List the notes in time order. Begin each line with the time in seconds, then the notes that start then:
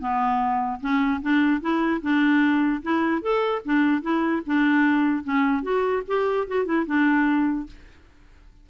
0.00 B3
0.81 C#4
1.22 D4
1.61 E4
2.02 D4
2.83 E4
3.22 A4
3.65 D4
4.02 E4
4.47 D4
5.24 C#4
5.63 F#4
6.08 G4
6.48 F#4
6.66 E4
6.87 D4